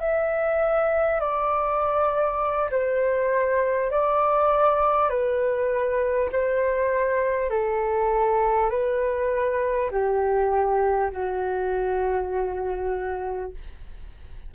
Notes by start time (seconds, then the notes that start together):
0.00 E5
1.19 D5
2.70 C5
3.91 D5
5.09 B4
6.32 C5
7.49 A4
8.69 B4
9.91 G4
11.11 F#4